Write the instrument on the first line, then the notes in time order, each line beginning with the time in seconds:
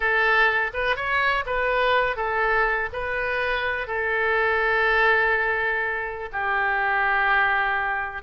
oboe
0.00 A4
0.73 B4
0.96 C#5
1.46 B4
2.16 A4
2.92 B4
3.87 A4
6.32 G4